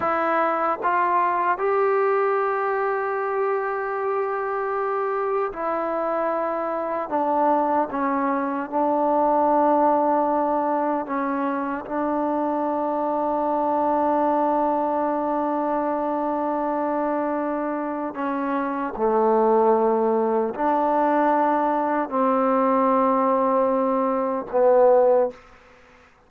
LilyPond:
\new Staff \with { instrumentName = "trombone" } { \time 4/4 \tempo 4 = 76 e'4 f'4 g'2~ | g'2. e'4~ | e'4 d'4 cis'4 d'4~ | d'2 cis'4 d'4~ |
d'1~ | d'2. cis'4 | a2 d'2 | c'2. b4 | }